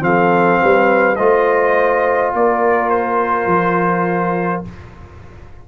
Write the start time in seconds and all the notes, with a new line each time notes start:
0.00 F3 C4 A4 F5
0.62 G3 B4
1.16 A3 F4 C5 D#5
2.34 A#3 A#4 D5
2.90 C5
3.47 F3